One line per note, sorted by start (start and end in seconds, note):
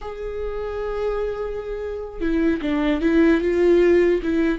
0.01 2.20 G#4
2.20 2.60 E4
2.61 3.01 D4
3.01 3.41 E4
3.41 4.21 F4
4.23 4.58 E4